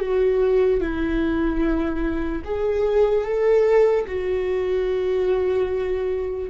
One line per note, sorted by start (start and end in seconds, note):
0.00 0.81 F#4
0.81 2.43 E4
2.45 3.25 G#4
3.25 4.06 A4
4.07 6.50 F#4